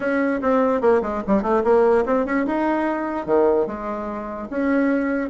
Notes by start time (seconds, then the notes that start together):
0.00 C#4
0.41 C4
0.81 A#3
1.01 G#3
1.27 G3
1.42 A3
1.64 A#3
2.05 C4
2.25 C#4
2.46 D#4
3.26 D#3
3.66 G#3
4.49 C#4